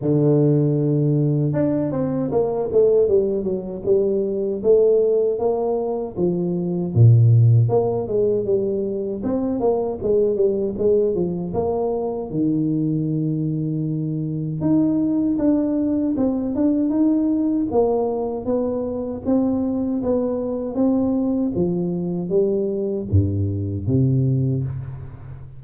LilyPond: \new Staff \with { instrumentName = "tuba" } { \time 4/4 \tempo 4 = 78 d2 d'8 c'8 ais8 a8 | g8 fis8 g4 a4 ais4 | f4 ais,4 ais8 gis8 g4 | c'8 ais8 gis8 g8 gis8 f8 ais4 |
dis2. dis'4 | d'4 c'8 d'8 dis'4 ais4 | b4 c'4 b4 c'4 | f4 g4 g,4 c4 | }